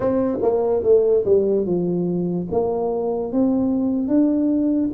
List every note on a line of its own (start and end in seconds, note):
0.00 0.38 C4
0.42 0.83 A#3
0.83 1.24 A3
1.25 1.65 G3
1.65 2.47 F3
2.51 3.32 A#3
3.32 4.08 C4
4.08 4.90 D4